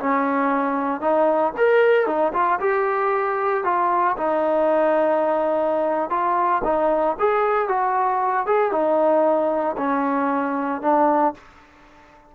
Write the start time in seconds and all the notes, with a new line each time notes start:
0.00 C#4
1.01 D#4
1.57 A#4
2.07 D#4
2.34 F4
2.60 G4
3.65 F4
4.17 D#4
6.10 F4
6.65 D#4
7.20 G#4
7.69 F#4
8.47 G#4
8.72 D#4
9.78 C#4
10.82 D4